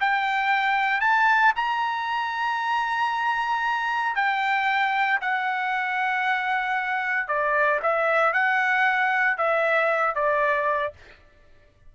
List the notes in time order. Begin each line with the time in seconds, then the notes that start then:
0.00 G5
1.00 A5
1.55 A#5
4.15 G5
5.21 F#5
7.27 D5
7.82 E5
8.33 F#5
9.37 E5
10.14 D5